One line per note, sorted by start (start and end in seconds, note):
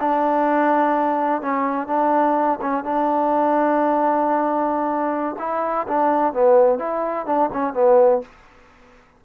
0.00 1.41 D4
1.41 1.87 C#4
1.87 2.59 D4
2.61 2.84 C#4
2.84 5.36 D4
5.39 5.87 E4
5.87 6.33 D4
6.33 6.79 B3
6.79 7.26 E4
7.26 7.50 D4
7.53 7.73 C#4
7.73 8.21 B3